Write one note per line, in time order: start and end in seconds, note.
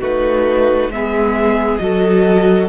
0.00 0.88 A3
0.00 0.91 D#4
0.00 0.90 F#4
0.00 0.91 B4
0.88 1.78 G#3
0.88 1.79 B3
0.88 1.77 E5
0.95 1.82 G#4
1.77 2.69 F#3
1.77 2.69 F#4
1.77 2.69 A4
1.77 2.66 D#5